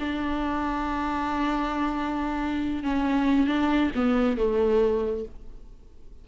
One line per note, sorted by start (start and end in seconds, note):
0.00 2.83 D4
2.83 3.47 C#4
3.47 3.91 D4
3.96 4.38 B3
4.38 5.25 A3